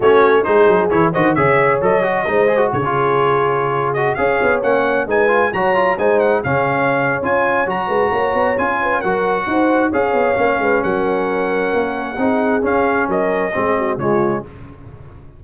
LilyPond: <<
  \new Staff \with { instrumentName = "trumpet" } { \time 4/4 \tempo 4 = 133 cis''4 c''4 cis''8 dis''8 e''4 | dis''2 cis''2~ | cis''8. dis''8 f''4 fis''4 gis''8.~ | gis''16 ais''4 gis''8 fis''8 f''4.~ f''16 |
gis''4 ais''2 gis''4 | fis''2 f''2 | fis''1 | f''4 dis''2 cis''4 | }
  \new Staff \with { instrumentName = "horn" } { \time 4/4 fis'4 gis'4. c''8 cis''4~ | cis''4 c''4 gis'2~ | gis'4~ gis'16 cis''2 b'8.~ | b'16 cis''4 c''4 cis''4.~ cis''16~ |
cis''4. b'8 cis''4. b'8 | ais'4 c''4 cis''4. b'8 | ais'2. gis'4~ | gis'4 ais'4 gis'8 fis'8 f'4 | }
  \new Staff \with { instrumentName = "trombone" } { \time 4/4 cis'4 dis'4 e'8 fis'8 gis'4 | a'8 fis'8 dis'8 gis'16 fis'8 f'4.~ f'16~ | f'8. fis'8 gis'4 cis'4 dis'8 f'16~ | f'16 fis'8 f'8 dis'4 cis'4.~ cis'16 |
f'4 fis'2 f'4 | fis'2 gis'4 cis'4~ | cis'2. dis'4 | cis'2 c'4 gis4 | }
  \new Staff \with { instrumentName = "tuba" } { \time 4/4 a4 gis8 fis8 e8 dis8 cis4 | fis4 gis4 cis2~ | cis4~ cis16 cis'8 b8 ais4 gis8.~ | gis16 fis4 gis4 cis4.~ cis16 |
cis'4 fis8 gis8 ais8 b8 cis'4 | fis4 dis'4 cis'8 b8 ais8 gis8 | fis2 ais4 c'4 | cis'4 fis4 gis4 cis4 | }
>>